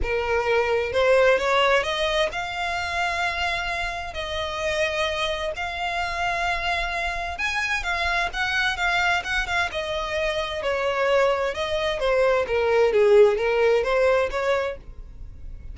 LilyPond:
\new Staff \with { instrumentName = "violin" } { \time 4/4 \tempo 4 = 130 ais'2 c''4 cis''4 | dis''4 f''2.~ | f''4 dis''2. | f''1 |
gis''4 f''4 fis''4 f''4 | fis''8 f''8 dis''2 cis''4~ | cis''4 dis''4 c''4 ais'4 | gis'4 ais'4 c''4 cis''4 | }